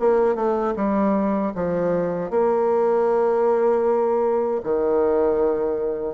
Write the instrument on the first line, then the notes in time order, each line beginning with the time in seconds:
bassoon
0.00 A#3
0.36 A3
0.77 G3
1.56 F3
2.31 A#3
4.64 D#3